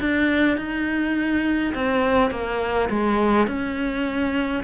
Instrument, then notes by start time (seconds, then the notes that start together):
cello
0.00 D4
0.57 D#4
1.74 C4
2.31 A#3
2.90 G#3
3.47 C#4